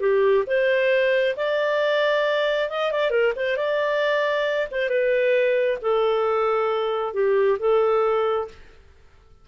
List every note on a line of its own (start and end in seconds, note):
0.00 0.44 G4
0.47 1.36 C5
1.36 2.70 D5
2.70 2.91 D#5
2.91 3.10 D5
3.10 3.33 A#4
3.36 3.56 C5
3.56 4.67 D5
4.71 4.89 C5
4.89 5.78 B4
5.81 7.13 A4
7.13 7.58 G4
7.59 8.48 A4